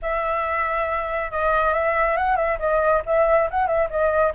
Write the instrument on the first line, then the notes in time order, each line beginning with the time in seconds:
flute
0.02 E5
1.31 D#5
1.73 E5
2.16 F#5
2.36 E5
2.59 D#5
3.06 E5
3.50 F#5
3.67 E5
3.90 D#5